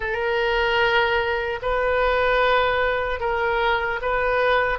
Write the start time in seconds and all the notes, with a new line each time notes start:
0.00 A#4
1.62 B4
3.20 A#4
4.01 B4